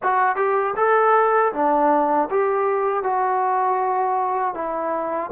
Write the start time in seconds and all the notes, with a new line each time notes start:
0.02 F#4
0.36 G4
0.76 A4
1.52 D4
2.30 G4
3.03 F#4
4.54 E4